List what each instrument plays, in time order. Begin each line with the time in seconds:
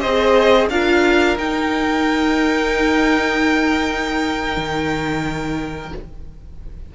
0.00 cello C4, viola G#4, violin C5 D#5
0.69 cello D4, viola F4, violin A#4 F5
1.37 cello D#4, viola D#4, violin G5
4.57 cello D#3